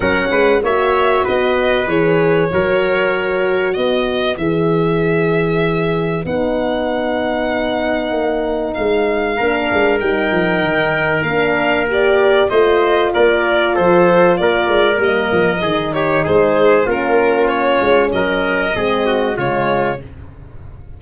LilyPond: <<
  \new Staff \with { instrumentName = "violin" } { \time 4/4 \tempo 4 = 96 fis''4 e''4 dis''4 cis''4~ | cis''2 dis''4 e''4~ | e''2 fis''2~ | fis''2 f''2 |
g''2 f''4 d''4 | dis''4 d''4 c''4 d''4 | dis''4. cis''8 c''4 ais'4 | cis''4 dis''2 cis''4 | }
  \new Staff \with { instrumentName = "trumpet" } { \time 4/4 ais'8 b'8 cis''4 b'2 | ais'2 b'2~ | b'1~ | b'2. ais'4~ |
ais'1 | c''4 ais'4 a'4 ais'4~ | ais'4 gis'8 g'8 gis'4 f'4~ | f'4 ais'4 gis'8 fis'8 f'4 | }
  \new Staff \with { instrumentName = "horn" } { \time 4/4 cis'4 fis'2 gis'4 | fis'2. gis'4~ | gis'2 dis'2~ | dis'2. d'4 |
dis'2 d'4 g'4 | f'1 | ais4 dis'2 cis'4~ | cis'2 c'4 gis4 | }
  \new Staff \with { instrumentName = "tuba" } { \time 4/4 fis8 gis8 ais4 b4 e4 | fis2 b4 e4~ | e2 b2~ | b4 ais4 gis4 ais8 gis8 |
g8 f8 dis4 ais2 | a4 ais4 f4 ais8 gis8 | g8 f8 dis4 gis4 ais4~ | ais8 gis8 fis4 gis4 cis4 | }
>>